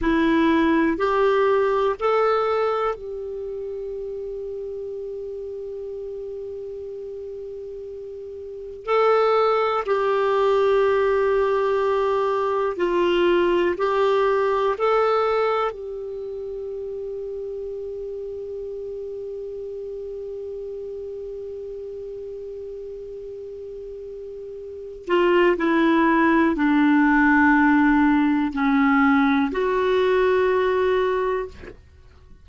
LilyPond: \new Staff \with { instrumentName = "clarinet" } { \time 4/4 \tempo 4 = 61 e'4 g'4 a'4 g'4~ | g'1~ | g'4 a'4 g'2~ | g'4 f'4 g'4 a'4 |
g'1~ | g'1~ | g'4. f'8 e'4 d'4~ | d'4 cis'4 fis'2 | }